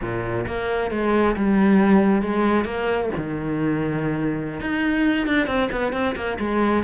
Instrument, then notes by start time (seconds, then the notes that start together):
cello
0.01 A#2
0.47 A#3
0.91 G#3
1.36 G3
2.22 G#3
2.65 A#3
3.17 D#3
4.60 D#4
5.26 D4
5.46 C4
5.71 B3
5.92 C4
6.15 A#3
6.39 G#3